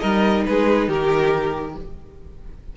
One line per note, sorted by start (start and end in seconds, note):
0.00 0.47 G3
0.00 1.76 D#4
0.00 0.45 A#4
0.00 0.44 D#5
0.46 0.88 G#3
0.46 0.89 G#4
0.46 0.90 B4
0.88 1.76 D#3
0.88 1.76 G4
0.88 1.77 A#4